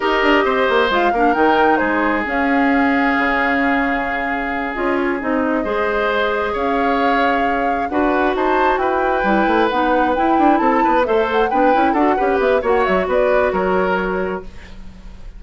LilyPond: <<
  \new Staff \with { instrumentName = "flute" } { \time 4/4 \tempo 4 = 133 dis''2 f''4 g''4 | c''4 f''2.~ | f''2~ f''8 dis''8 cis''8 dis''8~ | dis''2~ dis''8 f''4.~ |
f''4. fis''4 a''4 g''8~ | g''4. fis''4 g''4 a''8~ | a''8 e''8 fis''8 g''4 fis''4 e''8 | fis''8 e''8 d''4 cis''2 | }
  \new Staff \with { instrumentName = "oboe" } { \time 4/4 ais'4 c''4. ais'4. | gis'1~ | gis'1~ | gis'8 c''2 cis''4.~ |
cis''4. b'4 c''4 b'8~ | b'2.~ b'8 a'8 | b'8 c''4 b'4 a'8 b'4 | cis''4 b'4 ais'2 | }
  \new Staff \with { instrumentName = "clarinet" } { \time 4/4 g'2 f'8 d'8 dis'4~ | dis'4 cis'2.~ | cis'2~ cis'8 f'4 dis'8~ | dis'8 gis'2.~ gis'8~ |
gis'4. fis'2~ fis'8~ | fis'8 e'4 dis'4 e'4.~ | e'8 a'4 d'8 e'8 fis'8 g'4 | fis'1 | }
  \new Staff \with { instrumentName = "bassoon" } { \time 4/4 dis'8 d'8 c'8 ais8 gis8 ais8 dis4 | gis4 cis'2 cis4~ | cis2~ cis8 cis'4 c'8~ | c'8 gis2 cis'4.~ |
cis'4. d'4 dis'4 e'8~ | e'8 g8 a8 b4 e'8 d'8 c'8 | b8 a4 b8 cis'8 d'8 cis'8 b8 | ais8 fis8 b4 fis2 | }
>>